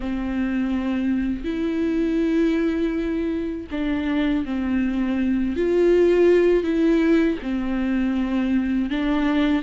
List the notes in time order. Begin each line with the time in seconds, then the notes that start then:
0.00 C4
1.44 E4
3.71 D4
4.45 C4
5.56 F4
6.63 E4
7.42 C4
8.90 D4